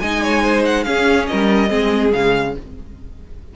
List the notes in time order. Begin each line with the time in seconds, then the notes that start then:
0.00 G#3 D#4 D#5 G#5
0.23 C#5
0.43 C5
0.65 F#5
0.84 C#4 G#4 F5
1.27 G3 A#4 D#5
1.69 G#3 C4 G#4
2.13 C#3 G#3 F5